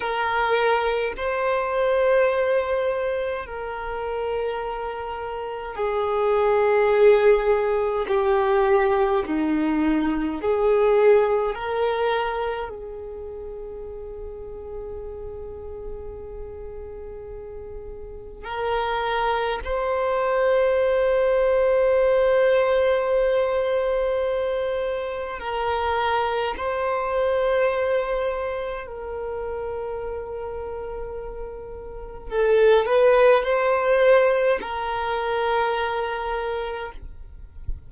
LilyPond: \new Staff \with { instrumentName = "violin" } { \time 4/4 \tempo 4 = 52 ais'4 c''2 ais'4~ | ais'4 gis'2 g'4 | dis'4 gis'4 ais'4 gis'4~ | gis'1 |
ais'4 c''2.~ | c''2 ais'4 c''4~ | c''4 ais'2. | a'8 b'8 c''4 ais'2 | }